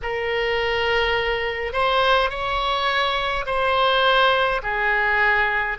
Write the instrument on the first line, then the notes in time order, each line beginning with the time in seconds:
oboe
0.02 A#4
1.73 C5
2.30 C#5
3.46 C5
4.62 G#4